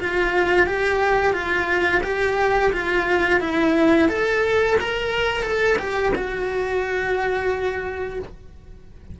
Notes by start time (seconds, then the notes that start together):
0.00 F4
0.67 G4
1.33 F4
2.03 G4
2.72 F4
3.40 E4
4.08 A4
4.80 A#4
5.43 A4
5.78 G4
6.15 F#4